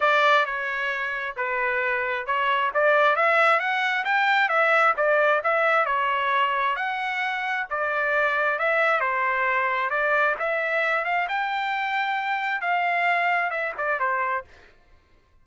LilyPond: \new Staff \with { instrumentName = "trumpet" } { \time 4/4 \tempo 4 = 133 d''4 cis''2 b'4~ | b'4 cis''4 d''4 e''4 | fis''4 g''4 e''4 d''4 | e''4 cis''2 fis''4~ |
fis''4 d''2 e''4 | c''2 d''4 e''4~ | e''8 f''8 g''2. | f''2 e''8 d''8 c''4 | }